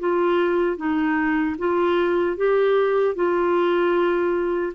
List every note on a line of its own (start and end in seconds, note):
0.00 0.78 F4
0.78 1.56 D#4
1.59 2.38 F4
2.38 3.15 G4
3.15 4.73 F4